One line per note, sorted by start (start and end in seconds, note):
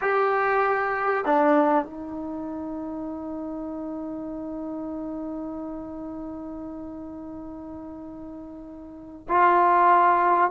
0.01 1.25 G4
1.25 1.84 D4
1.84 9.27 D#4
9.28 10.50 F4